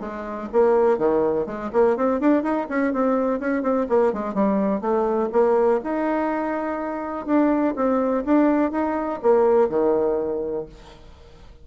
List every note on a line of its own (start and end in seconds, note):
0.00 0.48 G#3
0.52 0.98 A#3
0.98 1.46 D#3
1.46 1.70 G#3
1.72 1.96 A#3
1.96 2.20 C4
2.20 2.43 D4
2.43 2.67 D#4
2.69 2.93 C#4
2.93 3.40 C4
3.40 3.62 C#4
3.62 3.86 C4
3.89 4.13 A#3
4.13 4.34 G#3
4.34 4.81 G3
4.81 5.29 A3
5.32 5.80 A#3
5.84 7.26 D#4
7.26 7.75 D4
7.76 8.24 C4
8.25 8.71 D4
8.71 9.20 D#4
9.22 9.69 A#3
9.69 10.66 D#3